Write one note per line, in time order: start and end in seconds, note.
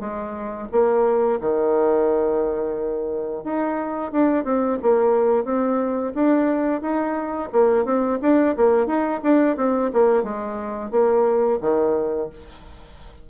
0.00 0.68 G#3
0.72 1.40 A#3
1.41 3.44 D#3
3.44 4.12 D#4
4.12 4.44 D4
4.44 4.78 C4
4.82 5.45 A#3
5.45 6.13 C4
6.15 6.81 D4
6.81 7.49 D#4
7.52 7.85 A#3
7.85 8.19 C4
8.22 8.56 D4
8.57 8.87 A#3
8.87 9.21 D#4
9.23 9.57 D4
9.57 9.91 C4
9.93 10.23 A#3
10.23 10.91 G#3
10.91 11.59 A#3
11.61 12.29 D#3